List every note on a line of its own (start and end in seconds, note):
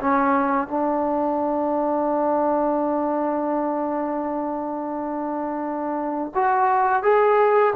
0.00 0.67 C#4
0.67 6.32 D4
6.34 7.02 F#4
7.02 7.73 G#4